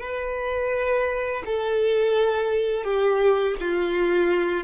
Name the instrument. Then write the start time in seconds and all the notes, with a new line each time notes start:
violin
0.00 B4
1.45 A4
2.84 G4
3.60 F4